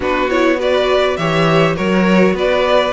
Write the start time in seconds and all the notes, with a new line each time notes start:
0.00 B3 D4 F#4 B4
0.30 E4 C#5
0.57 F#4 B4 D5
1.17 E3 G4 C#5 E5
1.75 F#3 F#4 A#4 C#5
2.33 B3 B4 D5